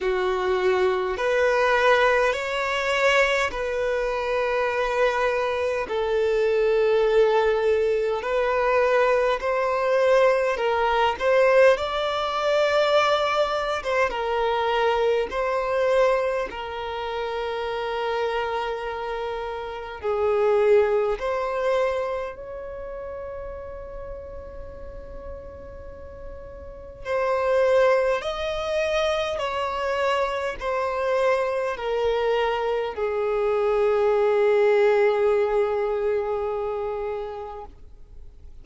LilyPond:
\new Staff \with { instrumentName = "violin" } { \time 4/4 \tempo 4 = 51 fis'4 b'4 cis''4 b'4~ | b'4 a'2 b'4 | c''4 ais'8 c''8 d''4.~ d''16 c''16 | ais'4 c''4 ais'2~ |
ais'4 gis'4 c''4 cis''4~ | cis''2. c''4 | dis''4 cis''4 c''4 ais'4 | gis'1 | }